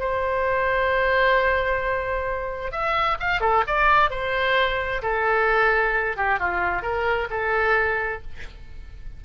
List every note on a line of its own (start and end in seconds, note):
0.00 2.72 C5
2.72 3.18 E5
3.20 3.41 F5
3.41 3.64 A4
3.68 4.11 D5
4.11 5.02 C5
5.03 6.17 A4
6.17 6.40 G4
6.40 6.83 F4
6.83 7.28 A#4
7.31 8.23 A4